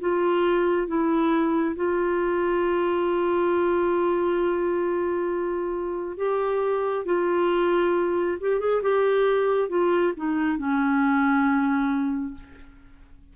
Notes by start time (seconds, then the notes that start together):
0.00 F4
0.87 E4
1.76 F4
6.17 G4
7.05 F4
8.41 G4
8.60 G#4
8.82 G4
9.69 F4
10.17 D#4
10.58 C#4